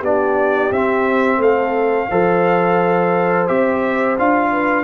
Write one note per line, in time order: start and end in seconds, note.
0.00 0.71 B3
0.00 0.73 D4
0.00 1.38 G4
0.00 0.73 D5
0.71 1.38 C4
0.71 2.11 C4
0.71 1.42 E5
1.38 2.07 A3
1.38 2.09 A4
1.38 3.48 F5
2.10 3.49 F3
2.10 3.48 A4
2.10 4.51 C5
3.48 4.18 C4
3.48 4.17 G4
3.48 4.17 E5
4.19 4.84 D4
4.19 4.84 F4
4.19 4.84 F5
4.52 4.84 B4